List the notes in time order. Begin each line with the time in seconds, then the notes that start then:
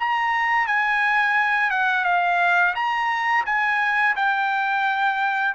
0.00 A#5
0.67 G#5
1.71 F#5
2.05 F5
2.76 A#5
3.46 G#5
4.16 G5